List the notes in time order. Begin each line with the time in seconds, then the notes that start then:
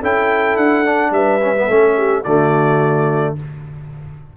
0.00 C#4 E4 A4 G5
0.56 D4 F#5
0.85 D4
1.10 G3 B4 E5
1.41 C#4
1.56 B3
1.66 A3 C#4 A4
1.96 G4
2.23 D3 A3 F#4 D5